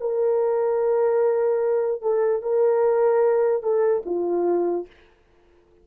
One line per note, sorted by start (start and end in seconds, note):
0.00 2.02 A#4
2.02 2.42 A4
2.42 3.62 A#4
3.62 4.03 A4
4.05 4.86 F4